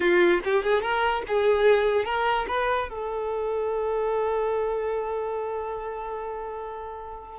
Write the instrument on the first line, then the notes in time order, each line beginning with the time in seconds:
violin
0.00 F4
0.44 G4
0.63 G#4
0.81 A#4
1.27 G#4
2.05 A#4
2.48 B4
2.89 A4